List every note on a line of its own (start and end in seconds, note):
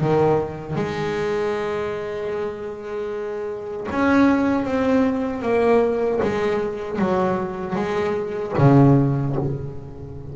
0.00 0.75 D#3
0.75 3.87 G#3
3.91 4.64 C#4
4.64 5.42 C4
5.42 6.19 A#3
6.22 6.98 G#3
6.98 7.75 F#3
7.75 8.53 G#3
8.58 9.36 C#3